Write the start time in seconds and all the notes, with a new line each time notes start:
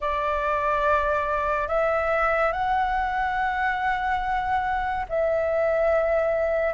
0.00 D5
1.67 E5
2.52 F#5
5.08 E5